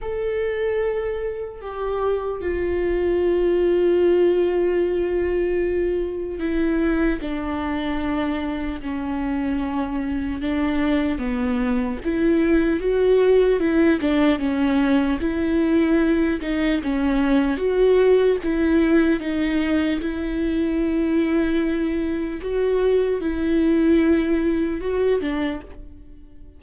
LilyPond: \new Staff \with { instrumentName = "viola" } { \time 4/4 \tempo 4 = 75 a'2 g'4 f'4~ | f'1 | e'4 d'2 cis'4~ | cis'4 d'4 b4 e'4 |
fis'4 e'8 d'8 cis'4 e'4~ | e'8 dis'8 cis'4 fis'4 e'4 | dis'4 e'2. | fis'4 e'2 fis'8 d'8 | }